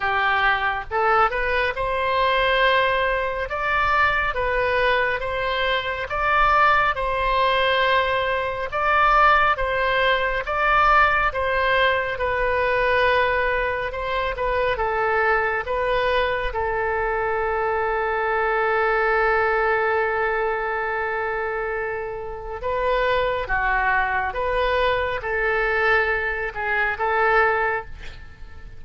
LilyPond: \new Staff \with { instrumentName = "oboe" } { \time 4/4 \tempo 4 = 69 g'4 a'8 b'8 c''2 | d''4 b'4 c''4 d''4 | c''2 d''4 c''4 | d''4 c''4 b'2 |
c''8 b'8 a'4 b'4 a'4~ | a'1~ | a'2 b'4 fis'4 | b'4 a'4. gis'8 a'4 | }